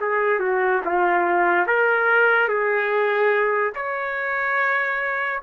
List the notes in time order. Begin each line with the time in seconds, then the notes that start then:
0.00 G#4
0.39 F#4
0.84 F4
1.67 A#4
2.48 G#4
3.75 C#5